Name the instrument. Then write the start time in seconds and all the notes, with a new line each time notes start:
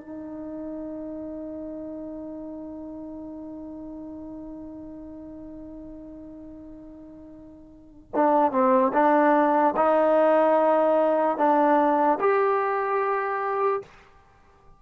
trombone
0.00 D#4
8.14 D4
8.51 C4
8.93 D4
9.76 D#4
11.37 D4
12.20 G4